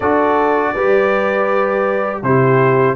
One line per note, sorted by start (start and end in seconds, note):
0.00 0.74 D4
0.00 0.76 F#4
0.00 0.73 A4
0.00 2.19 D5
0.73 2.23 G3
0.73 2.23 G4
0.73 2.21 B4
2.23 2.96 C3
2.23 2.96 E4
2.23 2.96 G4
2.23 2.96 C5